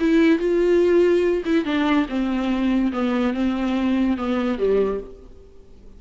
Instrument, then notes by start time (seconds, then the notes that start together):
viola
0.00 E4
0.39 F4
1.45 E4
1.65 D4
2.09 C4
2.93 B3
3.34 C4
4.18 B3
4.59 G3